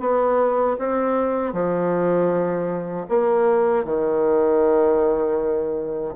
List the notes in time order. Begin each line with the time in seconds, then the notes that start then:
0.00 B3
0.79 C4
1.53 F3
3.08 A#3
3.84 D#3